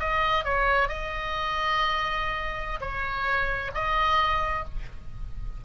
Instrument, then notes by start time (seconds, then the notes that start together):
oboe
0.00 D#5
0.44 C#5
0.88 D#5
2.81 C#5
3.75 D#5